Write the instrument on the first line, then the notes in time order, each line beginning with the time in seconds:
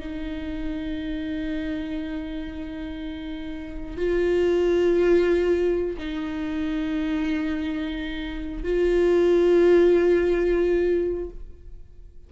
viola
0.00 D#4
3.97 F4
5.98 D#4
8.64 F4